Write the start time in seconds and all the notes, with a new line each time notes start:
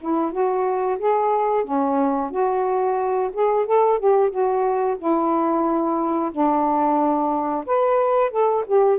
0.00 E4
0.32 F#4
0.98 G#4
1.64 C#4
2.30 F#4
3.33 G#4
3.66 A4
3.99 G4
4.30 F#4
4.98 E4
6.32 D4
7.66 B4
8.31 A4
8.66 G4